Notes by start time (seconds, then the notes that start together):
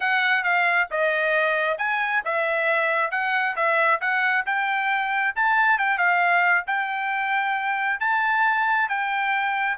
0.00 F#5
0.43 F5
0.91 D#5
1.78 G#5
2.24 E5
3.11 F#5
3.56 E5
4.00 F#5
4.46 G5
5.35 A5
5.78 G5
5.98 F5
6.66 G5
8.00 A5
8.88 G5